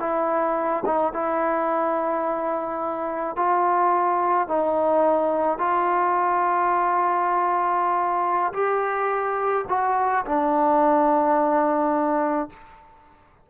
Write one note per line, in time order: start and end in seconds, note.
0.00 0.84 E4
0.86 1.13 D#4
1.13 3.36 E4
3.36 4.48 F4
4.48 5.59 D#4
5.59 8.53 F4
8.54 9.66 G4
9.69 10.25 F#4
10.26 12.50 D4